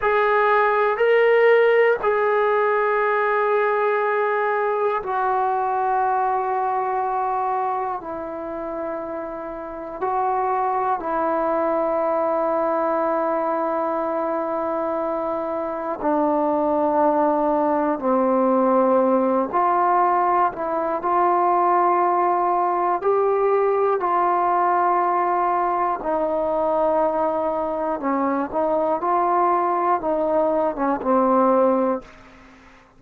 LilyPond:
\new Staff \with { instrumentName = "trombone" } { \time 4/4 \tempo 4 = 60 gis'4 ais'4 gis'2~ | gis'4 fis'2. | e'2 fis'4 e'4~ | e'1 |
d'2 c'4. f'8~ | f'8 e'8 f'2 g'4 | f'2 dis'2 | cis'8 dis'8 f'4 dis'8. cis'16 c'4 | }